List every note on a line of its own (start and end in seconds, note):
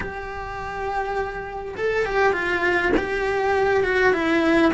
0.00 1.74 G4
1.76 2.05 A4
2.05 2.33 G4
2.33 2.91 F4
2.97 3.83 G4
3.83 4.13 F#4
4.13 4.71 E4